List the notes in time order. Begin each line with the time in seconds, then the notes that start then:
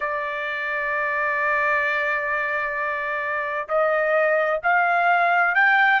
0.00 D5
3.68 D#5
4.63 F5
5.54 G5